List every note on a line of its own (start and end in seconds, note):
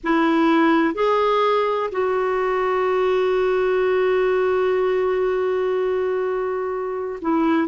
0.03 0.94 E4
0.94 1.90 G#4
1.91 7.19 F#4
7.21 7.68 E4